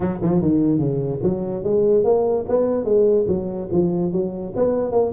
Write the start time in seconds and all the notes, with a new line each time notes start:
0.00 F#3
0.21 F3
0.41 D#3
0.78 C#3
1.22 F#3
1.63 G#3
2.04 A#3
2.48 B3
2.84 G#3
3.27 F#3
3.71 F3
4.12 F#3
4.55 B3
4.91 A#3